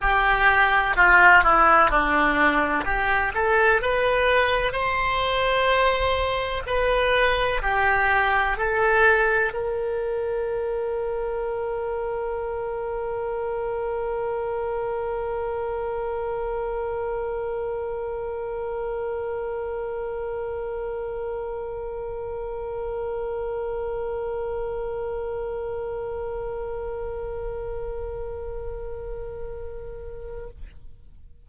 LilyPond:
\new Staff \with { instrumentName = "oboe" } { \time 4/4 \tempo 4 = 63 g'4 f'8 e'8 d'4 g'8 a'8 | b'4 c''2 b'4 | g'4 a'4 ais'2~ | ais'1~ |
ais'1~ | ais'1~ | ais'1~ | ais'1 | }